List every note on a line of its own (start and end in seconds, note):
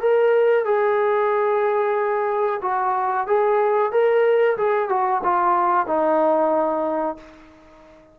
0.00 0.65 A#4
0.65 2.61 G#4
2.62 3.27 F#4
3.27 3.92 G#4
3.92 4.57 A#4
4.57 4.89 G#4
4.89 5.21 F#4
5.23 5.87 F4
5.87 7.17 D#4